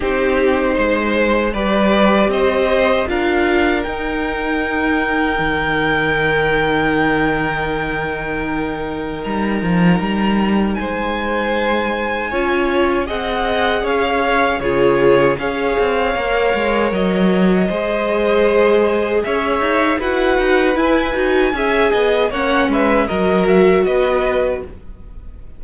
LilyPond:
<<
  \new Staff \with { instrumentName = "violin" } { \time 4/4 \tempo 4 = 78 c''2 d''4 dis''4 | f''4 g''2.~ | g''1 | ais''2 gis''2~ |
gis''4 fis''4 f''4 cis''4 | f''2 dis''2~ | dis''4 e''4 fis''4 gis''4~ | gis''4 fis''8 e''8 dis''8 e''8 dis''4 | }
  \new Staff \with { instrumentName = "violin" } { \time 4/4 g'4 c''4 b'4 c''4 | ais'1~ | ais'1~ | ais'2 c''2 |
cis''4 dis''4 cis''4 gis'4 | cis''2. c''4~ | c''4 cis''4 b'2 | e''8 dis''8 cis''8 b'8 ais'4 b'4 | }
  \new Staff \with { instrumentName = "viola" } { \time 4/4 dis'2 g'2 | f'4 dis'2.~ | dis'1~ | dis'1 |
f'4 gis'2 f'4 | gis'4 ais'2 gis'4~ | gis'2 fis'4 e'8 fis'8 | gis'4 cis'4 fis'2 | }
  \new Staff \with { instrumentName = "cello" } { \time 4/4 c'4 gis4 g4 c'4 | d'4 dis'2 dis4~ | dis1 | g8 f8 g4 gis2 |
cis'4 c'4 cis'4 cis4 | cis'8 c'8 ais8 gis8 fis4 gis4~ | gis4 cis'8 dis'8 e'8 dis'8 e'8 dis'8 | cis'8 b8 ais8 gis8 fis4 b4 | }
>>